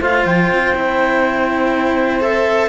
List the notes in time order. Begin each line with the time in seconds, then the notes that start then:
0.00 A3 F4 C5 F5
0.25 F3 G5
0.51 C4
0.75 E4
2.20 A4 E5